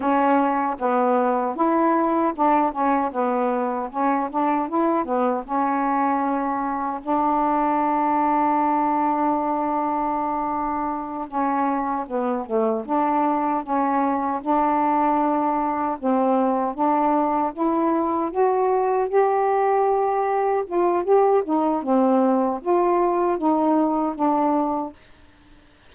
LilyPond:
\new Staff \with { instrumentName = "saxophone" } { \time 4/4 \tempo 4 = 77 cis'4 b4 e'4 d'8 cis'8 | b4 cis'8 d'8 e'8 b8 cis'4~ | cis'4 d'2.~ | d'2~ d'8 cis'4 b8 |
a8 d'4 cis'4 d'4.~ | d'8 c'4 d'4 e'4 fis'8~ | fis'8 g'2 f'8 g'8 dis'8 | c'4 f'4 dis'4 d'4 | }